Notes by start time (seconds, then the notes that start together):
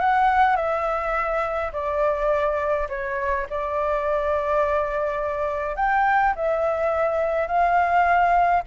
0.00 F#5
0.56 E5
1.73 D5
2.89 C#5
3.50 D5
5.76 G5
6.36 E5
7.48 F5